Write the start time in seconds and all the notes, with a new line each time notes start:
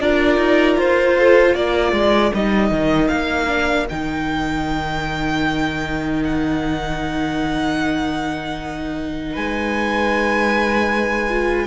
0.00 D4 F4 A#4 D5
0.38 D#4
0.77 F4 C5
1.19 A4
1.54 A#3 A#4 D5
1.93 G#3
2.34 G3 D#4 D#5
2.71 D#3
3.08 A#3 F5
3.48 D4
3.90 D#3 D#4 G5
6.24 F#5
9.33 G#3 B4 G#5
11.29 F4